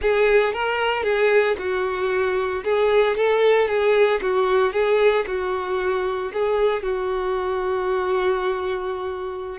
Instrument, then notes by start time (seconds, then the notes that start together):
violin
0.01 G#4
0.53 A#4
1.03 G#4
1.58 F#4
2.64 G#4
3.17 A4
3.67 G#4
4.21 F#4
4.72 G#4
5.26 F#4
6.33 G#4
6.83 F#4